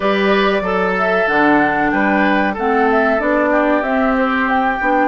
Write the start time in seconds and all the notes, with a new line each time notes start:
0.00 G3 G4 B4 D5
0.61 F#3 A4
0.98 E5
1.27 D3 D4 F#5
1.90 G3 B4 G5
2.53 A3 C4 A4 F#5
2.90 E5
3.18 B3 D4 D5
3.51 G4
3.82 C4 E5
4.17 C5
4.49 G5
4.81 B3 D4